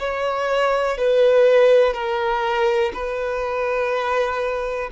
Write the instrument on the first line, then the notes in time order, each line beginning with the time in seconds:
violin
0.00 C#5
0.98 B4
1.94 A#4
2.94 B4